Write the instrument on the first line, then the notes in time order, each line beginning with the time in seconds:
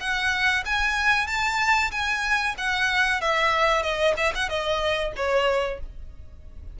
violin
0.00 F#5
0.66 G#5
1.27 A5
1.91 G#5
2.58 F#5
3.21 E5
3.82 D#5
4.17 E5
4.35 F#5
4.49 D#5
5.16 C#5